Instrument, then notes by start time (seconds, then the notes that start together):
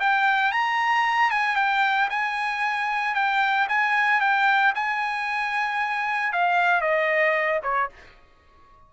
trumpet
0.00 G5
0.52 A#5
1.31 G#5
1.56 G5
2.10 G#5
3.15 G5
3.69 G#5
4.21 G5
4.75 G#5
6.33 F5
6.81 D#5
7.63 C#5